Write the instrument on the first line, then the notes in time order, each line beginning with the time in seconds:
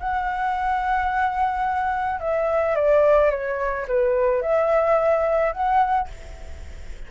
flute
0.00 F#5
2.20 E5
2.76 D5
3.31 C#5
3.88 B4
4.42 E5
5.53 F#5